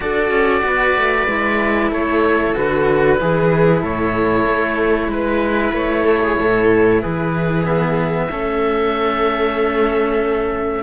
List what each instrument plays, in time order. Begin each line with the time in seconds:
0.00 cello D4 F#4, viola A4, oboe D5
0.30 cello C#4
0.63 cello B3, viola B4
0.96 cello A3
1.27 cello G#3 E4
1.91 cello A3, viola A4, oboe C#5
2.54 cello D3 F#4, oboe B4
3.18 cello E3 E4, viola G#4
3.82 cello A2, viola A4, oboe C#5
4.45 cello A3
5.08 cello G#3, oboe B4, viola B4
5.72 cello A3, oboe C#5
6.04 viola A4
6.22 viola G#4
6.39 cello A2, viola A4
7.01 cello E3, viola G#4, oboe B4
7.64 cello B3, oboe E5
8.30 cello A3 C#4, viola A4